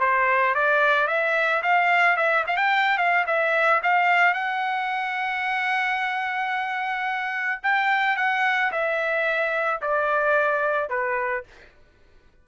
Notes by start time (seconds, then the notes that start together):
0.00 C5
0.55 D5
1.08 E5
1.63 F5
2.17 E5
2.47 F5
2.57 G5
2.98 F5
3.27 E5
3.83 F5
4.34 F#5
7.63 G5
8.17 F#5
8.72 E5
9.82 D5
10.89 B4